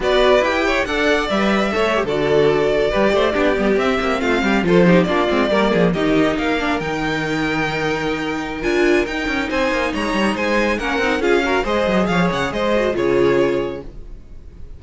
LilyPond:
<<
  \new Staff \with { instrumentName = "violin" } { \time 4/4 \tempo 4 = 139 d''4 g''4 fis''4 e''4~ | e''8. d''2.~ d''16~ | d''8. e''4 f''4 c''4 d''16~ | d''4.~ d''16 dis''4 f''4 g''16~ |
g''1 | gis''4 g''4 gis''4 ais''4 | gis''4 fis''4 f''4 dis''4 | f''8 fis''8 dis''4 cis''2 | }
  \new Staff \with { instrumentName = "violin" } { \time 4/4 b'4. cis''8 d''2 | cis''8. a'2 b'8 c''8 g'16~ | g'4.~ g'16 f'8 g'8 a'8 g'8 f'16~ | f'8. ais'8 gis'8 g'4 ais'4~ ais'16~ |
ais'1~ | ais'2 c''4 cis''4 | c''4 ais'4 gis'8 ais'8 c''4 | cis''4 c''4 gis'2 | }
  \new Staff \with { instrumentName = "viola" } { \time 4/4 fis'4 g'4 a'4 b'4 | a'8 g'16 fis'2 g'4 d'16~ | d'16 b8 c'2 f'8 dis'8 d'16~ | d'16 c'8 ais4 dis'4. d'8 dis'16~ |
dis'1 | f'4 dis'2.~ | dis'4 cis'8 dis'8 f'8 fis'8 gis'4~ | gis'4. fis'8 f'2 | }
  \new Staff \with { instrumentName = "cello" } { \time 4/4 b4 e'4 d'4 g4 | a8. d2 g8 a8 b16~ | b16 g8 c'8 ais8 a8 g8 f4 ais16~ | ais16 gis8 g8 f8 dis4 ais4 dis16~ |
dis1 | d'4 dis'8 cis'8 c'8 ais8 gis8 g8 | gis4 ais8 c'8 cis'4 gis8 fis8 | f8 cis8 gis4 cis2 | }
>>